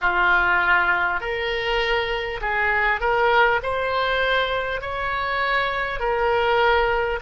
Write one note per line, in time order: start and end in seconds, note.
0.01 1.20 F4
1.20 2.40 A#4
2.41 3.00 G#4
3.00 3.60 A#4
3.62 4.81 C5
4.81 5.99 C#5
5.99 7.19 A#4